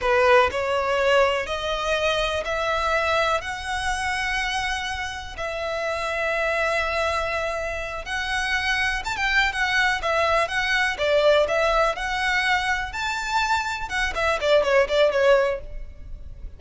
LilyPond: \new Staff \with { instrumentName = "violin" } { \time 4/4 \tempo 4 = 123 b'4 cis''2 dis''4~ | dis''4 e''2 fis''4~ | fis''2. e''4~ | e''1~ |
e''8 fis''2 a''16 g''8. fis''8~ | fis''8 e''4 fis''4 d''4 e''8~ | e''8 fis''2 a''4.~ | a''8 fis''8 e''8 d''8 cis''8 d''8 cis''4 | }